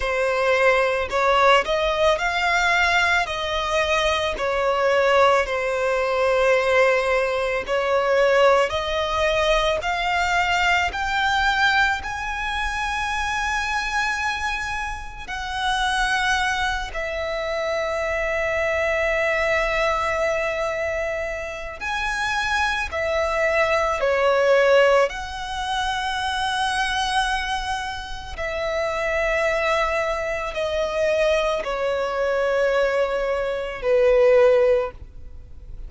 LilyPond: \new Staff \with { instrumentName = "violin" } { \time 4/4 \tempo 4 = 55 c''4 cis''8 dis''8 f''4 dis''4 | cis''4 c''2 cis''4 | dis''4 f''4 g''4 gis''4~ | gis''2 fis''4. e''8~ |
e''1 | gis''4 e''4 cis''4 fis''4~ | fis''2 e''2 | dis''4 cis''2 b'4 | }